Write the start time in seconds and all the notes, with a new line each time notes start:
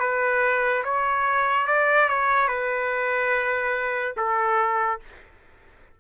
0.00 B4
0.84 C#5
1.67 D5
2.09 C#5
2.48 B4
4.17 A4